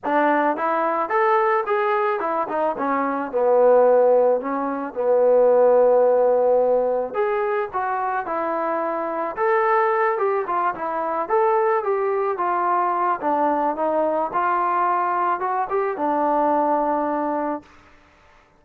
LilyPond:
\new Staff \with { instrumentName = "trombone" } { \time 4/4 \tempo 4 = 109 d'4 e'4 a'4 gis'4 | e'8 dis'8 cis'4 b2 | cis'4 b2.~ | b4 gis'4 fis'4 e'4~ |
e'4 a'4. g'8 f'8 e'8~ | e'8 a'4 g'4 f'4. | d'4 dis'4 f'2 | fis'8 g'8 d'2. | }